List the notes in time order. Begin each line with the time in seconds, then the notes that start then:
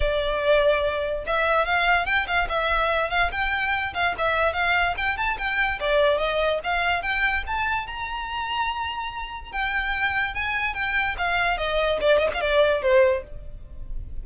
0.00 D5
1.26 E5
1.65 F5
2.05 G5
2.27 F5
2.48 E5
3.10 F5
3.31 G5
3.93 F5
4.17 E5
4.53 F5
4.97 G5
5.17 A5
5.38 G5
5.79 D5
6.18 D#5
6.63 F5
7.02 G5
7.47 A5
7.86 A#5
9.52 G5
10.34 G#5
10.74 G5
11.17 F5
11.57 D#5
12.00 D5
12.18 D#5
12.34 F5
12.40 D5
12.82 C5